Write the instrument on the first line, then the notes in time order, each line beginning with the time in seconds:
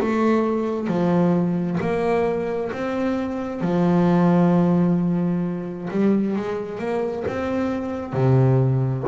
double bass
0.00 A3
0.88 F3
1.81 A#3
2.73 C4
3.62 F3
5.91 G3
6.36 G#3
6.79 A#3
7.28 C4
8.13 C3